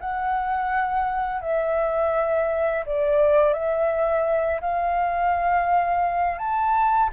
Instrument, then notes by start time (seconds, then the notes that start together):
flute
0.00 F#5
1.42 E5
2.86 D5
3.54 E5
4.61 F5
6.38 A5